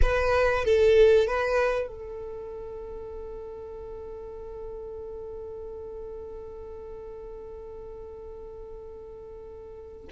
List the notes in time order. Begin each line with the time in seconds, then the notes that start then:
0.02 B4
0.65 A4
1.27 B4
1.87 A4